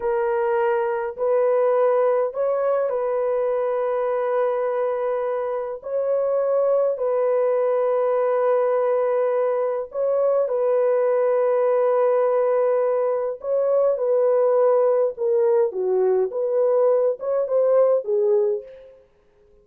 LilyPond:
\new Staff \with { instrumentName = "horn" } { \time 4/4 \tempo 4 = 103 ais'2 b'2 | cis''4 b'2.~ | b'2 cis''2 | b'1~ |
b'4 cis''4 b'2~ | b'2. cis''4 | b'2 ais'4 fis'4 | b'4. cis''8 c''4 gis'4 | }